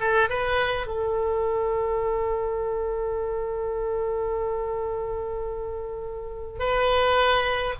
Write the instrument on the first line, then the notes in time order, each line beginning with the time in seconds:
oboe
0.00 A4
0.30 B4
0.87 A4
6.59 B4